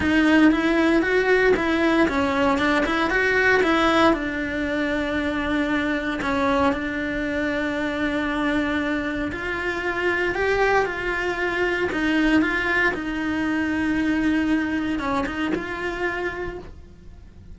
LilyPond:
\new Staff \with { instrumentName = "cello" } { \time 4/4 \tempo 4 = 116 dis'4 e'4 fis'4 e'4 | cis'4 d'8 e'8 fis'4 e'4 | d'1 | cis'4 d'2.~ |
d'2 f'2 | g'4 f'2 dis'4 | f'4 dis'2.~ | dis'4 cis'8 dis'8 f'2 | }